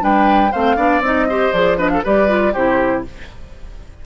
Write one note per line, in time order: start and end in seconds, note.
0.00 0.53 G3
0.00 0.50 D4
0.00 0.52 B4
0.00 0.53 G5
0.52 0.77 A3
0.52 0.76 C4
0.52 0.77 C5
0.52 1.02 F5
0.76 1.00 B3
0.76 1.01 D4
0.76 1.27 D5
1.00 1.50 C4
1.00 1.29 D#4
1.00 1.53 D#5
1.29 1.54 G4
1.29 1.78 C5
1.53 2.03 F3
1.53 1.77 G#4
1.53 1.78 D5
1.77 2.02 D4
1.77 1.91 B4
1.77 1.89 D#5
1.89 2.04 A4
1.89 2.02 F5
2.04 2.55 G3
2.04 2.28 G4
2.04 2.53 B4
2.04 2.54 D5
2.28 2.53 F4
2.53 3.05 C3
2.53 3.06 E4
2.53 3.03 G4
2.53 3.04 C5